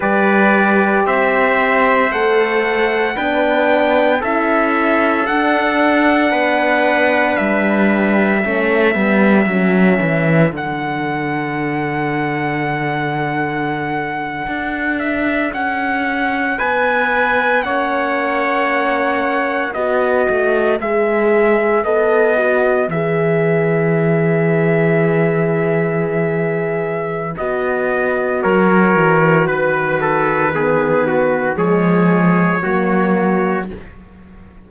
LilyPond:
<<
  \new Staff \with { instrumentName = "trumpet" } { \time 4/4 \tempo 4 = 57 d''4 e''4 fis''4 g''4 | e''4 fis''2 e''4~ | e''2 fis''2~ | fis''2~ fis''16 e''8 fis''4 gis''16~ |
gis''8. fis''2 dis''4 e''16~ | e''8. dis''4 e''2~ e''16~ | e''2 dis''4 cis''4 | b'2 cis''2 | }
  \new Staff \with { instrumentName = "trumpet" } { \time 4/4 b'4 c''2 b'4 | a'2 b'2 | a'1~ | a'2.~ a'8. b'16~ |
b'8. cis''2 b'4~ b'16~ | b'1~ | b'2. ais'4 | b'8 a'8 gis'8 fis'8 gis'4 fis'4 | }
  \new Staff \with { instrumentName = "horn" } { \time 4/4 g'2 a'4 d'4 | e'4 d'2. | cis'8 b8 cis'4 d'2~ | d'1~ |
d'8. cis'2 fis'4 gis'16~ | gis'8. a'8 fis'8 gis'2~ gis'16~ | gis'2 fis'2~ | fis'4 b4 gis4 ais4 | }
  \new Staff \with { instrumentName = "cello" } { \time 4/4 g4 c'4 a4 b4 | cis'4 d'4 b4 g4 | a8 g8 fis8 e8 d2~ | d4.~ d16 d'4 cis'4 b16~ |
b8. ais2 b8 a8 gis16~ | gis8. b4 e2~ e16~ | e2 b4 fis8 e8 | dis2 f4 fis4 | }
>>